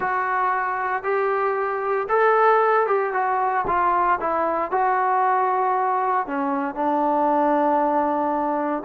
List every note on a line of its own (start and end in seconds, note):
0.00 1.03 F#4
1.03 2.07 G4
2.09 2.86 A4
2.86 3.13 G4
3.13 3.65 F#4
3.67 4.19 F4
4.20 4.71 E4
4.71 6.26 F#4
6.26 6.74 C#4
6.74 8.83 D4